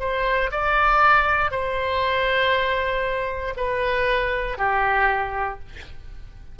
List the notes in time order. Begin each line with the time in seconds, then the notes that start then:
0.00 C5
0.52 D5
1.51 C5
3.56 B4
4.58 G4